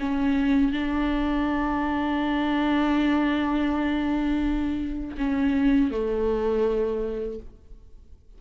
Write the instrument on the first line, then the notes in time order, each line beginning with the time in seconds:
viola
0.00 C#4
0.72 D4
5.18 C#4
5.91 A3